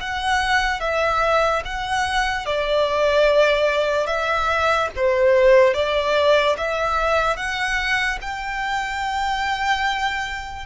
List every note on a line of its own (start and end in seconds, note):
0.00 0.80 F#5
0.80 1.62 E5
1.65 2.45 F#5
2.45 4.06 D5
4.06 4.88 E5
4.95 5.73 C5
5.73 6.56 D5
6.57 7.36 E5
7.36 8.18 F#5
8.21 10.66 G5